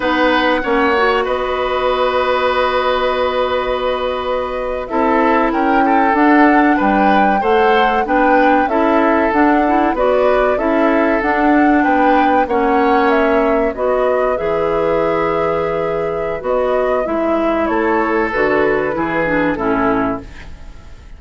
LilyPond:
<<
  \new Staff \with { instrumentName = "flute" } { \time 4/4 \tempo 4 = 95 fis''2 dis''2~ | dis''2.~ dis''8. e''16~ | e''8. g''4 fis''4 g''4 fis''16~ | fis''8. g''4 e''4 fis''4 d''16~ |
d''8. e''4 fis''4 g''4 fis''16~ | fis''8. e''4 dis''4 e''4~ e''16~ | e''2 dis''4 e''4 | cis''4 b'2 a'4 | }
  \new Staff \with { instrumentName = "oboe" } { \time 4/4 b'4 cis''4 b'2~ | b'2.~ b'8. a'16~ | a'8. ais'8 a'4. b'4 c''16~ | c''8. b'4 a'2 b'16~ |
b'8. a'2 b'4 cis''16~ | cis''4.~ cis''16 b'2~ b'16~ | b'1 | a'2 gis'4 e'4 | }
  \new Staff \with { instrumentName = "clarinet" } { \time 4/4 dis'4 cis'8 fis'2~ fis'8~ | fis'2.~ fis'8. e'16~ | e'4.~ e'16 d'2 a'16~ | a'8. d'4 e'4 d'8 e'8 fis'16~ |
fis'8. e'4 d'2 cis'16~ | cis'4.~ cis'16 fis'4 gis'4~ gis'16~ | gis'2 fis'4 e'4~ | e'4 fis'4 e'8 d'8 cis'4 | }
  \new Staff \with { instrumentName = "bassoon" } { \time 4/4 b4 ais4 b2~ | b2.~ b8. c'16~ | c'8. cis'4 d'4 g4 a16~ | a8. b4 cis'4 d'4 b16~ |
b8. cis'4 d'4 b4 ais16~ | ais4.~ ais16 b4 e4~ e16~ | e2 b4 gis4 | a4 d4 e4 a,4 | }
>>